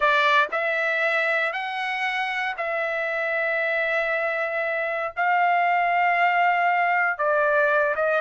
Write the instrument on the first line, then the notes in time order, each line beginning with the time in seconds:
trumpet
0.00 D5
0.51 E5
1.52 F#5
2.57 E5
5.16 F5
7.17 D5
7.95 D#5